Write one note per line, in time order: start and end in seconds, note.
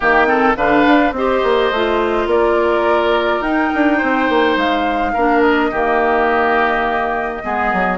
0.00 0.56 D#3
0.00 0.26 A#3
0.00 0.27 G4
0.00 0.55 G5
0.26 0.55 C4
0.26 0.56 A4
0.56 0.84 D3
0.56 1.14 D4
0.56 1.14 B4
0.56 1.13 F5
0.86 1.12 D4
1.12 1.40 C4
1.12 1.73 G4
1.12 2.28 C5
1.12 2.29 D#5
1.43 1.71 A#3
1.71 2.26 A3
1.71 3.44 F4
2.26 3.40 A#3
2.26 3.97 A#4
2.26 3.42 D5
3.40 3.69 D#4
3.40 5.16 D#4
3.40 4.56 G5
3.74 4.02 D4
3.97 4.28 C4
3.97 5.12 C5
4.28 4.56 A#3
4.56 5.13 G#3
4.56 5.41 F5
5.13 5.71 A#3
5.13 5.73 D4
5.13 5.70 A#4
5.41 7.98 D#5
5.70 7.43 D#3
5.70 7.43 A#3
5.70 7.42 G4
7.43 7.72 G#3
7.43 7.98 B3
7.43 7.98 G#4
7.72 7.98 F#3